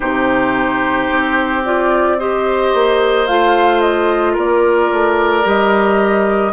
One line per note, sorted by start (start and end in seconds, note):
0.00 1.09 C3
0.00 1.63 D#4
0.00 2.17 G4
0.00 1.63 C5
1.10 2.73 C4
1.64 2.18 F4
1.64 2.19 D5
2.19 3.27 G4
2.19 4.33 C5
2.19 3.27 D#5
2.74 3.28 A#3
3.27 4.37 A3
3.27 5.43 F4
3.27 3.80 F5
3.80 4.35 D#5
4.33 4.91 A#3
4.33 6.51 A#4
4.33 5.47 D5
4.91 5.44 A3
5.43 6.52 G3
5.43 6.52 G4
5.43 6.52 D#5